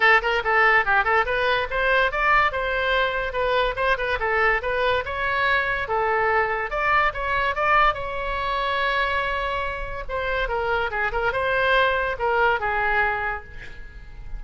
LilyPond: \new Staff \with { instrumentName = "oboe" } { \time 4/4 \tempo 4 = 143 a'8 ais'8 a'4 g'8 a'8 b'4 | c''4 d''4 c''2 | b'4 c''8 b'8 a'4 b'4 | cis''2 a'2 |
d''4 cis''4 d''4 cis''4~ | cis''1 | c''4 ais'4 gis'8 ais'8 c''4~ | c''4 ais'4 gis'2 | }